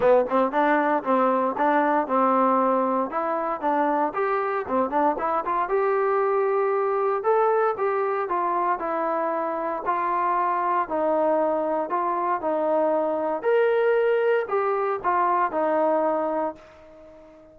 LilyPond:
\new Staff \with { instrumentName = "trombone" } { \time 4/4 \tempo 4 = 116 b8 c'8 d'4 c'4 d'4 | c'2 e'4 d'4 | g'4 c'8 d'8 e'8 f'8 g'4~ | g'2 a'4 g'4 |
f'4 e'2 f'4~ | f'4 dis'2 f'4 | dis'2 ais'2 | g'4 f'4 dis'2 | }